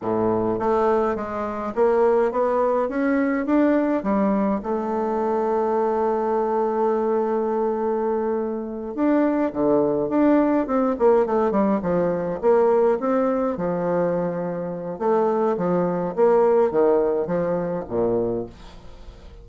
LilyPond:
\new Staff \with { instrumentName = "bassoon" } { \time 4/4 \tempo 4 = 104 a,4 a4 gis4 ais4 | b4 cis'4 d'4 g4 | a1~ | a2.~ a8 d'8~ |
d'8 d4 d'4 c'8 ais8 a8 | g8 f4 ais4 c'4 f8~ | f2 a4 f4 | ais4 dis4 f4 ais,4 | }